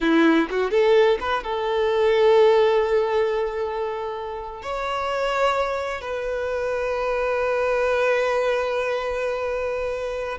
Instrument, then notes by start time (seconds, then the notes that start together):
violin
0.00 E4
0.50 F#4
0.71 A4
1.20 B4
1.43 A4
4.62 C#5
6.01 B4